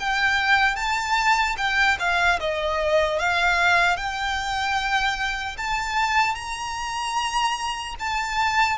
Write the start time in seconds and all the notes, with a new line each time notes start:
0.00 G5
0.76 A5
1.57 G5
2.00 F5
2.40 D#5
3.19 F5
3.97 G5
5.57 A5
6.35 A#5
8.00 A5